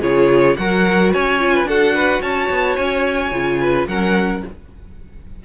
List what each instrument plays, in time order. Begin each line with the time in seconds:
0.00 cello C#3, viola F4, violin G#4 C#5
0.56 cello F#3, viola F#4, violin A#4 F#5
1.13 cello C#4, violin C#5 G#5
1.40 viola F4
1.54 violin B4
1.64 cello D4, viola F#4, violin A4 F#5
1.94 violin B4
2.21 cello C#4, violin C#5 A5
2.49 cello B3
2.76 cello C#4, violin G#5
3.31 cello C#3, viola F4
3.60 violin B4
3.87 cello F#3, viola C#4, violin A#4 F#5